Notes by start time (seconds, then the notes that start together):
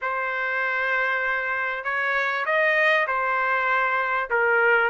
0.01 C5
1.84 C#5
2.45 D#5
3.07 C5
4.29 A#4